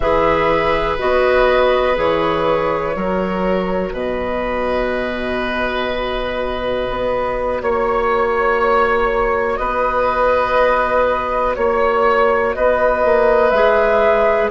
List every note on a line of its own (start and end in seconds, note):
0.00 0.98 E3
0.00 0.99 G#4
0.00 2.95 B4
0.00 0.98 E5
0.98 1.97 B3
0.98 1.95 F#4
0.98 1.97 D#5
1.95 2.95 E3
1.95 2.93 G#4
1.95 3.93 C#5
2.93 3.92 F#3
2.93 13.50 F#4
2.93 3.93 A#4
3.92 6.87 B2
3.92 7.61 B4
3.92 7.62 D#5
6.90 7.61 B3
7.61 9.58 A#3
7.61 9.56 C#5
7.61 9.59 C#5
9.56 11.56 B3
9.56 11.55 B4
9.56 11.53 D#5
11.55 12.55 A#3
11.55 12.53 C#5
11.55 12.56 C#5
12.53 13.04 B3
12.53 14.50 B4
12.53 13.50 D#5
13.04 13.51 A#3
13.50 14.49 G#3
13.50 14.50 G#4
13.50 14.48 E5